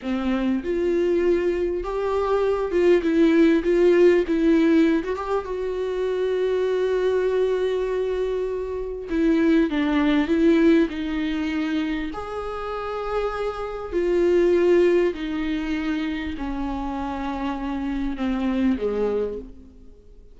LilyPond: \new Staff \with { instrumentName = "viola" } { \time 4/4 \tempo 4 = 99 c'4 f'2 g'4~ | g'8 f'8 e'4 f'4 e'4~ | e'16 fis'16 g'8 fis'2.~ | fis'2. e'4 |
d'4 e'4 dis'2 | gis'2. f'4~ | f'4 dis'2 cis'4~ | cis'2 c'4 gis4 | }